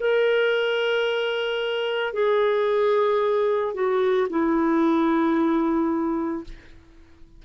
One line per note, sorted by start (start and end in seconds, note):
0.00 2.13 A#4
2.13 3.74 G#4
3.74 4.28 F#4
4.30 6.44 E4